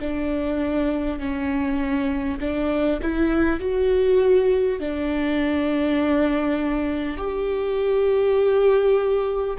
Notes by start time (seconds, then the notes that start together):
0.00 D4
1.19 C#4
2.40 D4
3.02 E4
3.61 F#4
4.79 D4
7.17 G4